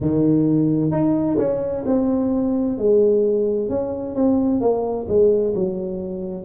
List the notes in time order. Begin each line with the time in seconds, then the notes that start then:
0.00 D#3
0.91 D#4
1.38 C#4
1.85 C4
2.78 G#3
3.69 C#4
4.15 C4
4.60 A#3
5.08 G#3
5.54 F#3